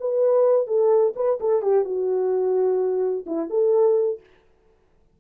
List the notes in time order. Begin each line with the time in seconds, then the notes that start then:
0.00 B4
0.67 A4
1.16 B4
1.40 A4
1.62 G4
1.85 F#4
3.26 E4
3.50 A4